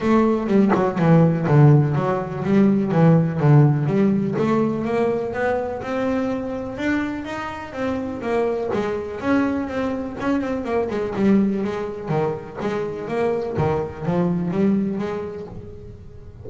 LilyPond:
\new Staff \with { instrumentName = "double bass" } { \time 4/4 \tempo 4 = 124 a4 g8 fis8 e4 d4 | fis4 g4 e4 d4 | g4 a4 ais4 b4 | c'2 d'4 dis'4 |
c'4 ais4 gis4 cis'4 | c'4 cis'8 c'8 ais8 gis8 g4 | gis4 dis4 gis4 ais4 | dis4 f4 g4 gis4 | }